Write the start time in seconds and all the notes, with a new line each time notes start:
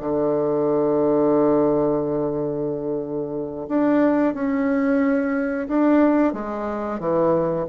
0.00 D3
3.68 D4
4.34 C#4
5.68 D4
6.33 G#3
6.99 E3